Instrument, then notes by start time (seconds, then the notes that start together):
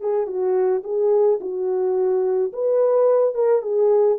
horn
0.00 G#4
0.27 F#4
0.83 G#4
1.40 F#4
2.53 B4
3.34 A#4
3.62 G#4